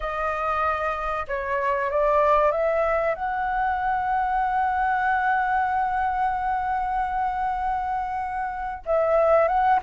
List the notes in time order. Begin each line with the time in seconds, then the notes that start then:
0.00 D#5
1.27 C#5
1.90 D5
2.51 E5
3.14 F#5
8.85 E5
9.47 F#5